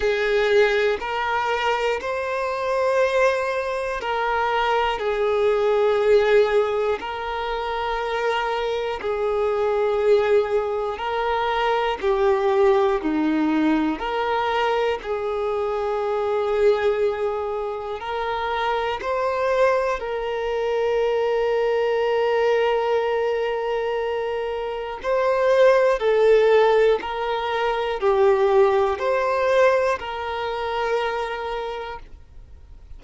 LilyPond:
\new Staff \with { instrumentName = "violin" } { \time 4/4 \tempo 4 = 60 gis'4 ais'4 c''2 | ais'4 gis'2 ais'4~ | ais'4 gis'2 ais'4 | g'4 dis'4 ais'4 gis'4~ |
gis'2 ais'4 c''4 | ais'1~ | ais'4 c''4 a'4 ais'4 | g'4 c''4 ais'2 | }